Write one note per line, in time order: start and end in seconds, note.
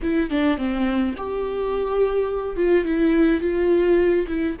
0.02 0.30 E4
0.30 0.57 D4
0.57 1.14 C4
1.17 2.56 G4
2.56 2.84 F4
2.84 3.40 E4
3.40 4.26 F4
4.27 4.56 E4